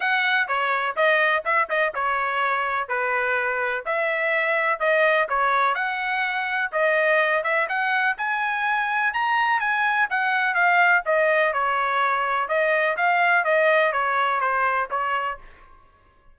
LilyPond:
\new Staff \with { instrumentName = "trumpet" } { \time 4/4 \tempo 4 = 125 fis''4 cis''4 dis''4 e''8 dis''8 | cis''2 b'2 | e''2 dis''4 cis''4 | fis''2 dis''4. e''8 |
fis''4 gis''2 ais''4 | gis''4 fis''4 f''4 dis''4 | cis''2 dis''4 f''4 | dis''4 cis''4 c''4 cis''4 | }